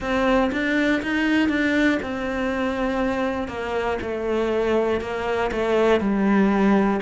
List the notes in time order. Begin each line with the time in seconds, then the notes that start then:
0.00 C4
0.52 D4
1.02 D#4
1.48 D4
2.02 C4
3.47 A#3
4.01 A3
5.00 A#3
5.51 A3
6.00 G3